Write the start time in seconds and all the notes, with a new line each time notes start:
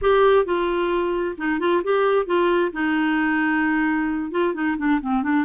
0.01 G4
0.45 F4
1.37 D#4
1.59 F4
1.83 G4
2.26 F4
2.72 D#4
4.31 F4
4.54 D#4
4.77 D4
5.01 C4
5.22 D4